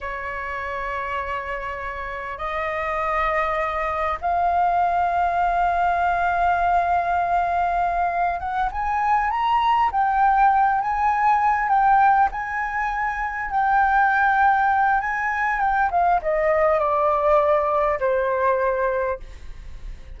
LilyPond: \new Staff \with { instrumentName = "flute" } { \time 4/4 \tempo 4 = 100 cis''1 | dis''2. f''4~ | f''1~ | f''2 fis''8 gis''4 ais''8~ |
ais''8 g''4. gis''4. g''8~ | g''8 gis''2 g''4.~ | g''4 gis''4 g''8 f''8 dis''4 | d''2 c''2 | }